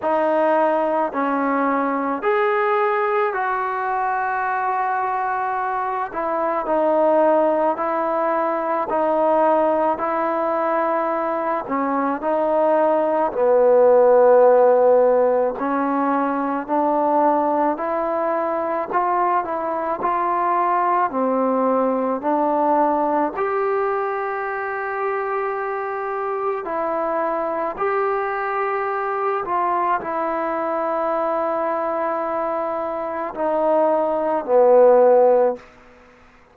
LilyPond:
\new Staff \with { instrumentName = "trombone" } { \time 4/4 \tempo 4 = 54 dis'4 cis'4 gis'4 fis'4~ | fis'4. e'8 dis'4 e'4 | dis'4 e'4. cis'8 dis'4 | b2 cis'4 d'4 |
e'4 f'8 e'8 f'4 c'4 | d'4 g'2. | e'4 g'4. f'8 e'4~ | e'2 dis'4 b4 | }